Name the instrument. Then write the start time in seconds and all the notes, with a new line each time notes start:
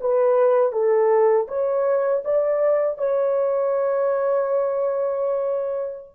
horn
0.00 B4
0.72 A4
1.47 C#5
2.24 D5
2.98 C#5